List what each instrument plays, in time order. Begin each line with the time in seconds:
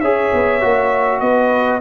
0.00 tuba C#4, trombone G#4, horn C#5, trumpet E5
0.33 tuba B3
0.61 tuba A#3, trombone F#4
1.20 tuba B3, horn B4, trumpet D#5